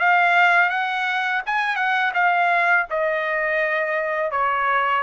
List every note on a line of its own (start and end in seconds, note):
0.00 0.70 F5
0.70 1.42 F#5
1.46 1.76 G#5
1.76 2.12 F#5
2.14 2.87 F5
2.90 4.31 D#5
4.31 5.03 C#5